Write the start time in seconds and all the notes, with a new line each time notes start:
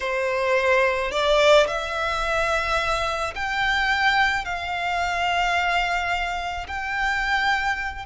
0.00 C5
1.11 D5
1.67 E5
3.35 G5
4.44 F5
6.67 G5